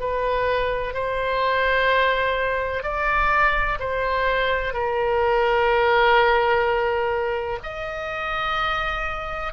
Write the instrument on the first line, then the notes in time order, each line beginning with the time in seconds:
oboe
0.00 B4
0.94 C5
2.84 D5
3.80 C5
4.74 A#4
7.64 D#5